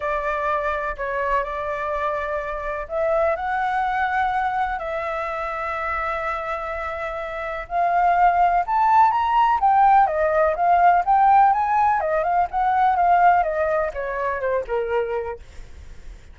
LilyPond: \new Staff \with { instrumentName = "flute" } { \time 4/4 \tempo 4 = 125 d''2 cis''4 d''4~ | d''2 e''4 fis''4~ | fis''2 e''2~ | e''1 |
f''2 a''4 ais''4 | g''4 dis''4 f''4 g''4 | gis''4 dis''8 f''8 fis''4 f''4 | dis''4 cis''4 c''8 ais'4. | }